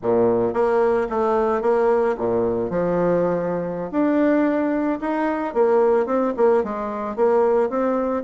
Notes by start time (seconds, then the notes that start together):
0.02 A#2
0.53 A#3
1.09 A3
1.61 A#3
2.17 A#2
2.70 F3
3.91 D4
5.00 D#4
5.54 A#3
6.06 C4
6.36 A#3
6.63 G#3
7.15 A#3
7.69 C4